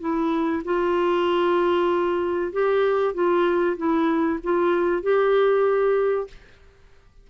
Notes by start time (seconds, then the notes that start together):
0.00 E4
0.65 F4
2.52 G4
3.14 F4
3.77 E4
4.43 F4
5.02 G4